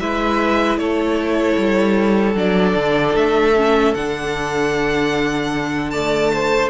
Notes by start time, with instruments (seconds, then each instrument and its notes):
0.00 cello G#3, viola E4, violin B4 E5
0.77 cello A3, violin A4 C#5
1.58 cello G3
2.35 cello F#3, viola D4, violin D5
2.75 cello D3
3.15 cello A3, violin E5
3.57 viola C#4
3.94 cello D3, viola D4, violin F#5
5.90 viola A3, violin D5 A5
6.34 violin C5